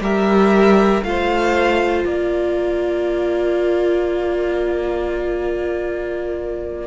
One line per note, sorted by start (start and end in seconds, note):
0.00 1.02 G3
0.00 1.03 G4
0.00 1.04 A#4
0.00 1.03 E5
1.03 2.04 A3
1.03 6.86 F4
1.03 2.07 C5
1.03 2.04 F5
2.04 6.86 A#3
2.04 6.86 A#4
2.04 6.86 D5